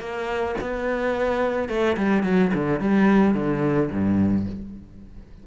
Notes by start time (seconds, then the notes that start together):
0.00 A#3
0.61 B3
1.69 A3
1.97 G3
2.24 F#3
2.55 D3
2.81 G3
3.35 D3
3.91 G2